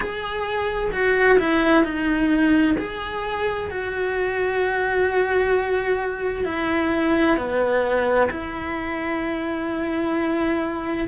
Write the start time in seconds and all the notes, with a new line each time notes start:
0.00 G#4
0.92 F#4
1.39 E4
1.83 D#4
2.78 G#4
3.70 F#4
6.44 E4
7.37 B3
8.31 E4